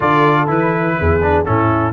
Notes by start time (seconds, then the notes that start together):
0.00 D3 F4 A4 D5
0.47 E3 E4 B4
0.99 E2 G#4
1.22 D4
1.45 A2 C#4 E4 A4